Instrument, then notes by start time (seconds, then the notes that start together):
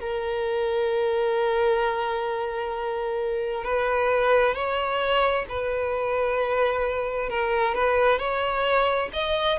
violin
0.00 A#4
3.64 B4
4.55 C#5
5.49 B4
7.29 A#4
7.74 B4
8.18 C#5
9.13 D#5